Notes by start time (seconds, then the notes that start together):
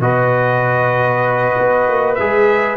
0.00 B2 F#4 B4 D#5
1.59 B3
1.88 A#3
2.15 G#3 G#4 E5